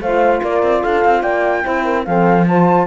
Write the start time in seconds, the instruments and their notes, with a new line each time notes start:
0.00 cello A3, saxophone F4, horn C5, flute F5
0.41 cello A#3, horn A#4, flute D5
0.62 cello C4
0.81 cello D4, horn A4, flute F5
1.04 cello C4
1.21 cello A#3, horn D5, flute G5
1.62 cello C4, saxophone E4, horn C5
1.84 horn A#4
2.04 cello F3, saxophone C4, horn A4, flute F5
2.47 saxophone F4, horn C5, flute A5